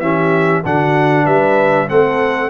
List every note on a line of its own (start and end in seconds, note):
0.00 0.63 E3
0.00 0.64 C#4
0.00 0.64 G4
0.00 0.62 E5
0.65 1.26 D3
0.65 1.89 D4
0.65 1.24 F#4
0.65 1.26 F#5
1.24 1.89 G3
1.24 1.87 B4
1.24 1.89 E5
1.89 2.50 A3
1.89 2.50 C4
1.89 2.50 A4
1.89 2.50 F#5